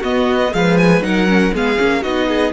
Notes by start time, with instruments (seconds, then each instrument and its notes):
0.00 cello B3, viola B3, violin F#4 D#5
0.52 cello F3, viola G#3, violin B4 F5
0.77 violin G#5
1.01 cello F#3, viola D#4, violin A#4 F#5
1.27 viola C#4
1.53 cello G#3, viola B3, violin G#4 F5
1.77 cello A#3, viola C#4
2.02 cello B3, viola D#4, violin F#4 D#5
2.28 violin G#4